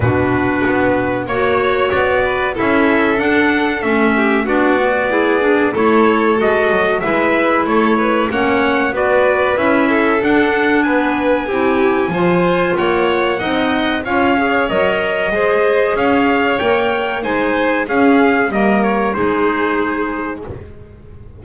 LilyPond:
<<
  \new Staff \with { instrumentName = "trumpet" } { \time 4/4 \tempo 4 = 94 b'2 cis''4 d''4 | e''4 fis''4 e''4 d''4~ | d''4 cis''4 dis''4 e''4 | cis''4 fis''4 d''4 e''4 |
fis''4 gis''2. | fis''2 f''4 dis''4~ | dis''4 f''4 g''4 gis''4 | f''4 dis''8 cis''8 c''2 | }
  \new Staff \with { instrumentName = "violin" } { \time 4/4 fis'2 cis''4. b'8 | a'2~ a'8 g'8 fis'4 | gis'4 a'2 b'4 | a'8 b'8 cis''4 b'4. a'8~ |
a'4 b'4 g'4 c''4 | cis''4 dis''4 cis''2 | c''4 cis''2 c''4 | gis'4 ais'4 gis'2 | }
  \new Staff \with { instrumentName = "clarinet" } { \time 4/4 d'2 fis'2 | e'4 d'4 cis'4 d'8 fis'8 | e'8 d'8 e'4 fis'4 e'4~ | e'4 cis'4 fis'4 e'4 |
d'2 e'4 f'4~ | f'4 dis'4 f'8 gis'8 ais'4 | gis'2 ais'4 dis'4 | cis'4 ais4 dis'2 | }
  \new Staff \with { instrumentName = "double bass" } { \time 4/4 b,4 b4 ais4 b4 | cis'4 d'4 a4 b4~ | b4 a4 gis8 fis8 gis4 | a4 ais4 b4 cis'4 |
d'4 b4 c'4 f4 | ais4 c'4 cis'4 fis4 | gis4 cis'4 ais4 gis4 | cis'4 g4 gis2 | }
>>